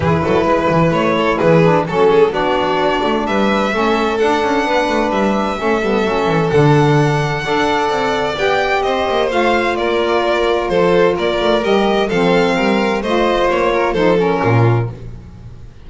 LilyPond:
<<
  \new Staff \with { instrumentName = "violin" } { \time 4/4 \tempo 4 = 129 b'2 cis''4 b'4 | a'4 d''2 e''4~ | e''4 fis''2 e''4~ | e''2 fis''2~ |
fis''2 g''4 dis''4 | f''4 d''2 c''4 | d''4 dis''4 f''2 | dis''4 cis''4 c''8 ais'4. | }
  \new Staff \with { instrumentName = "violin" } { \time 4/4 gis'8 a'8 b'4. a'8 gis'4 | a'8 gis'8 fis'2 b'4 | a'2 b'2 | a'1 |
d''2. c''4~ | c''4 ais'2 a'4 | ais'2 a'4 ais'4 | c''4. ais'8 a'4 f'4 | }
  \new Staff \with { instrumentName = "saxophone" } { \time 4/4 e'2.~ e'8 d'8 | cis'4 d'2. | cis'4 d'2. | cis'8 b8 cis'4 d'2 |
a'2 g'2 | f'1~ | f'4 g'4 c'2 | f'2 dis'8 cis'4. | }
  \new Staff \with { instrumentName = "double bass" } { \time 4/4 e8 fis8 gis8 e8 a4 e4 | fis4 b4. a8 g4 | a4 d'8 cis'8 b8 a8 g4 | a8 g8 fis8 e8 d2 |
d'4 c'4 b4 c'8 ais8 | a4 ais2 f4 | ais8 a8 g4 f4 g4 | a4 ais4 f4 ais,4 | }
>>